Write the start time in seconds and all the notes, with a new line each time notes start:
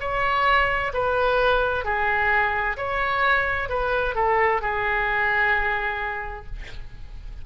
0.00 C#5
0.94 B4
1.85 G#4
2.77 C#5
3.69 B4
4.15 A4
4.61 G#4